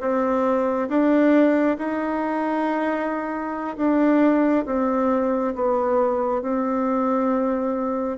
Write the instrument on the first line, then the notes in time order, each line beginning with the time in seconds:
bassoon
0.00 C4
0.89 D4
1.78 D#4
3.77 D4
4.66 C4
5.54 B3
6.41 C4